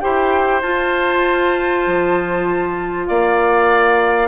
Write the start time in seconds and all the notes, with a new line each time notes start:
0.00 E4 G4 C5 G5
0.61 F4 A5
1.86 F3
3.06 A#3 D5 F5